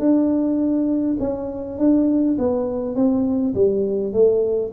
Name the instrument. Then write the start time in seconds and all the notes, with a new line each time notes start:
tuba
0.00 D4
1.20 C#4
1.79 D4
2.39 B3
2.96 C4
3.55 G3
4.14 A3